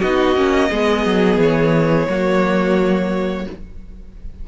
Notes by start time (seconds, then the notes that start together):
0.00 B3 D#4 F#4 D#5
0.36 A#3 C#4
0.69 G#3 B3 G#4
1.06 F#3
1.37 E3 C#5
2.08 F#3 A#3 F#4